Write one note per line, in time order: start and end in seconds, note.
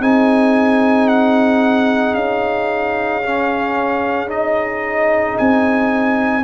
0.00 2.14 C4
0.00 3.22 D#4
0.00 6.43 G#4
0.00 1.08 G#5
1.08 2.15 F#5
2.14 5.35 C#4
2.14 4.29 F5
3.23 4.27 C#4
4.27 6.42 D#4
4.27 5.37 D#5
5.38 6.44 C4
5.38 6.44 G#5